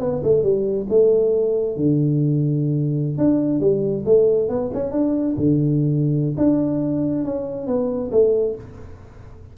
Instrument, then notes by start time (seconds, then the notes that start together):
tuba
0.00 B3
0.23 A3
0.43 G3
0.90 A3
1.76 D3
3.18 D4
3.60 G3
4.06 A3
4.49 B3
4.74 C#4
4.92 D4
5.37 D3
6.37 D4
7.25 C#4
7.67 B3
8.11 A3